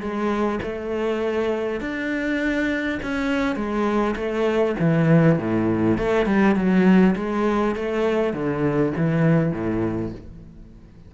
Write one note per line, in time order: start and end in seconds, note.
0.00 0.59 G#3
0.63 1.80 A3
1.80 2.99 D4
3.02 3.56 C#4
3.56 4.15 G#3
4.16 4.75 A3
4.79 5.38 E3
5.38 5.98 A2
5.98 6.26 A3
6.26 6.55 G3
6.55 7.15 F#3
7.16 7.75 G#3
7.75 8.33 A3
8.33 8.93 D3
8.96 9.52 E3
9.52 10.12 A2